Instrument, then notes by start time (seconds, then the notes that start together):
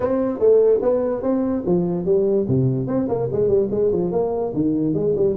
tuba
0.00 C4
0.39 A3
0.82 B3
1.22 C4
1.66 F3
2.05 G3
2.48 C3
2.87 C4
3.08 A#3
3.32 G#3
3.47 G3
3.70 G#3
3.91 F3
4.11 A#3
4.54 D#3
4.93 G#3
5.15 G3